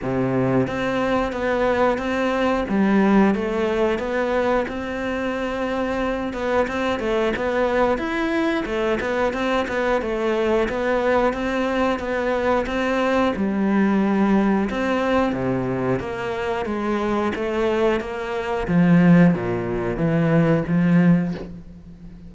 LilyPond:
\new Staff \with { instrumentName = "cello" } { \time 4/4 \tempo 4 = 90 c4 c'4 b4 c'4 | g4 a4 b4 c'4~ | c'4. b8 c'8 a8 b4 | e'4 a8 b8 c'8 b8 a4 |
b4 c'4 b4 c'4 | g2 c'4 c4 | ais4 gis4 a4 ais4 | f4 ais,4 e4 f4 | }